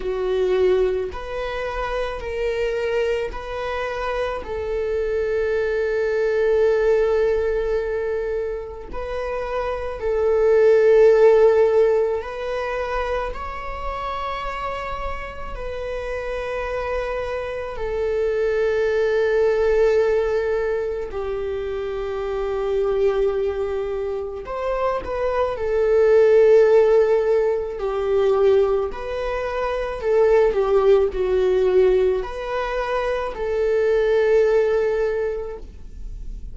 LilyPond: \new Staff \with { instrumentName = "viola" } { \time 4/4 \tempo 4 = 54 fis'4 b'4 ais'4 b'4 | a'1 | b'4 a'2 b'4 | cis''2 b'2 |
a'2. g'4~ | g'2 c''8 b'8 a'4~ | a'4 g'4 b'4 a'8 g'8 | fis'4 b'4 a'2 | }